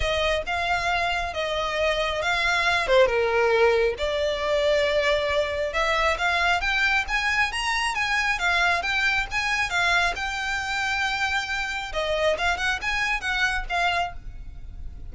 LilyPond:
\new Staff \with { instrumentName = "violin" } { \time 4/4 \tempo 4 = 136 dis''4 f''2 dis''4~ | dis''4 f''4. c''8 ais'4~ | ais'4 d''2.~ | d''4 e''4 f''4 g''4 |
gis''4 ais''4 gis''4 f''4 | g''4 gis''4 f''4 g''4~ | g''2. dis''4 | f''8 fis''8 gis''4 fis''4 f''4 | }